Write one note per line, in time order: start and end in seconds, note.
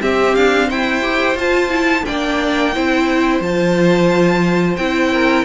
0.00 1.01 C4
0.00 0.36 C4
0.00 0.68 G4
0.00 0.36 E5
0.36 0.70 D4
0.36 0.70 F5
0.68 1.35 E4
0.68 2.04 C5
0.68 1.38 G5
1.01 1.36 G4
1.35 2.04 F4
1.35 1.70 F4
1.35 2.06 A5
1.70 2.04 E4
2.06 2.76 A#3
2.06 2.74 D4
2.06 2.75 D5
2.06 3.42 G5
2.74 3.41 C4
2.74 3.42 E4
2.74 5.13 C5
3.41 4.77 F3
3.41 4.79 F4
3.41 4.77 A5
4.77 5.45 C4
4.77 5.45 E4
4.77 5.45 G5
5.13 5.45 A#4